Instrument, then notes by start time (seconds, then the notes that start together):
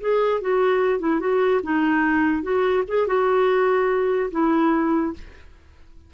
clarinet
0.00 G#4
0.41 F#4
0.99 E4
1.20 F#4
1.63 D#4
2.42 F#4
2.88 G#4
3.07 F#4
4.31 E4